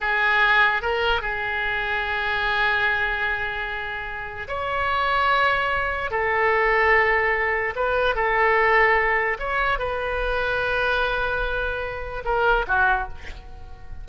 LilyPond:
\new Staff \with { instrumentName = "oboe" } { \time 4/4 \tempo 4 = 147 gis'2 ais'4 gis'4~ | gis'1~ | gis'2. cis''4~ | cis''2. a'4~ |
a'2. b'4 | a'2. cis''4 | b'1~ | b'2 ais'4 fis'4 | }